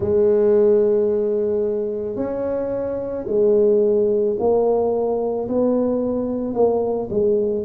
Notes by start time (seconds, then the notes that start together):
0.00 G#3
2.15 C#4
3.27 G#3
4.39 A#3
5.48 B3
6.54 A#3
7.10 G#3